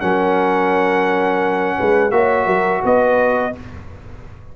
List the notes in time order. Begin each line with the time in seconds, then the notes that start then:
0.00 F#3 C#4 A#4 F#5
1.77 G#3 B4
2.11 A#3 F#4 C#5 E5
2.46 F#3 A#4
2.83 B3 B4 D#5